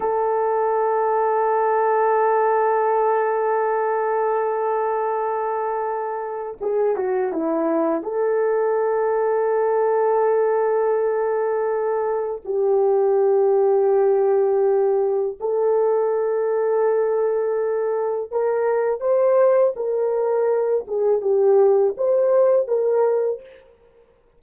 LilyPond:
\new Staff \with { instrumentName = "horn" } { \time 4/4 \tempo 4 = 82 a'1~ | a'1~ | a'4 gis'8 fis'8 e'4 a'4~ | a'1~ |
a'4 g'2.~ | g'4 a'2.~ | a'4 ais'4 c''4 ais'4~ | ais'8 gis'8 g'4 c''4 ais'4 | }